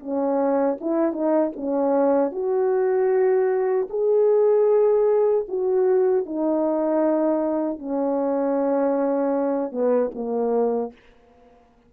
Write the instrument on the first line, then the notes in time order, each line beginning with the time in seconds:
horn
0.00 C#4
0.80 E4
1.13 D#4
1.56 C#4
2.32 F#4
3.90 G#4
5.48 F#4
6.26 D#4
7.79 C#4
9.72 B3
10.15 A#3